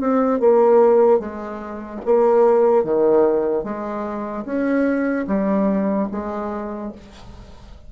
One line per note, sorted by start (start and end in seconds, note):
0.00 0.40 C4
0.40 1.20 A#3
1.20 2.01 G#3
2.06 2.84 A#3
2.84 3.64 D#3
3.64 4.45 G#3
4.45 5.26 C#4
5.27 6.08 G3
6.11 6.93 G#3